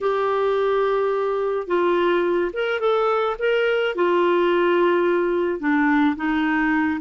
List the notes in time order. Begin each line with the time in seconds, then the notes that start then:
0.00 G4
1.67 F4
2.53 A#4
2.80 A4
3.38 A#4
3.95 F4
5.59 D4
6.16 D#4